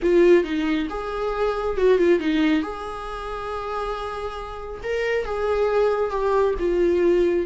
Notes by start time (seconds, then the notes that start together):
0.02 F4
0.44 D#4
0.89 G#4
1.77 F#4
1.98 F4
2.19 D#4
2.62 G#4
4.83 A#4
5.25 G#4
6.10 G4
6.59 F4